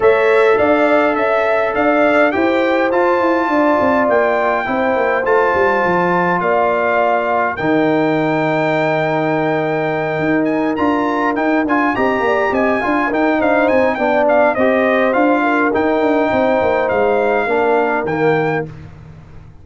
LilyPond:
<<
  \new Staff \with { instrumentName = "trumpet" } { \time 4/4 \tempo 4 = 103 e''4 f''4 e''4 f''4 | g''4 a''2 g''4~ | g''4 a''2 f''4~ | f''4 g''2.~ |
g''2 gis''8 ais''4 g''8 | gis''8 ais''4 gis''4 g''8 f''8 gis''8 | g''8 f''8 dis''4 f''4 g''4~ | g''4 f''2 g''4 | }
  \new Staff \with { instrumentName = "horn" } { \time 4/4 cis''4 d''4 e''4 d''4 | c''2 d''2 | c''2. d''4~ | d''4 ais'2.~ |
ais'1~ | ais'8 dis''8 d''8 dis''8 f''8 ais'8 c''4 | d''4 c''4. ais'4. | c''2 ais'2 | }
  \new Staff \with { instrumentName = "trombone" } { \time 4/4 a'1 | g'4 f'2. | e'4 f'2.~ | f'4 dis'2.~ |
dis'2~ dis'8 f'4 dis'8 | f'8 g'4. f'8 dis'4. | d'4 g'4 f'4 dis'4~ | dis'2 d'4 ais4 | }
  \new Staff \with { instrumentName = "tuba" } { \time 4/4 a4 d'4 cis'4 d'4 | e'4 f'8 e'8 d'8 c'8 ais4 | c'8 ais8 a8 g8 f4 ais4~ | ais4 dis2.~ |
dis4. dis'4 d'4 dis'8 | d'8 c'8 ais8 c'8 d'8 dis'8 d'8 c'8 | b4 c'4 d'4 dis'8 d'8 | c'8 ais8 gis4 ais4 dis4 | }
>>